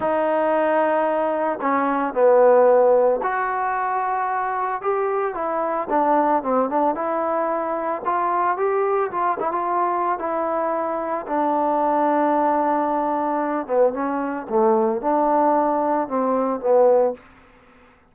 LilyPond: \new Staff \with { instrumentName = "trombone" } { \time 4/4 \tempo 4 = 112 dis'2. cis'4 | b2 fis'2~ | fis'4 g'4 e'4 d'4 | c'8 d'8 e'2 f'4 |
g'4 f'8 e'16 f'4~ f'16 e'4~ | e'4 d'2.~ | d'4. b8 cis'4 a4 | d'2 c'4 b4 | }